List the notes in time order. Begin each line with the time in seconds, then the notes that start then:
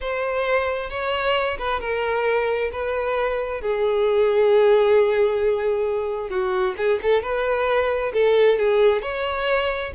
0.00 C5
0.89 C#5
1.58 B4
1.80 A#4
2.72 B4
3.61 G#4
6.29 F#4
6.77 G#4
7.02 A4
7.22 B4
8.13 A4
8.58 G#4
9.02 C#5